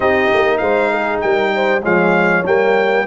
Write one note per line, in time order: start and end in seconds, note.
0.00 0.29 C4
0.00 1.81 D#4
0.00 0.59 G4
0.00 0.57 D#5
0.33 0.61 A#3
0.57 1.22 G#3
0.57 0.91 C5
0.57 1.19 F5
0.91 1.22 G#4
1.20 1.84 G3
1.20 1.52 A#4
1.20 1.82 G5
1.55 1.82 C5
1.82 2.45 F3
1.82 2.43 G#3
1.82 3.04 C#5
1.82 2.46 F5
2.45 3.06 G3
2.45 3.06 A#3
2.45 3.06 G5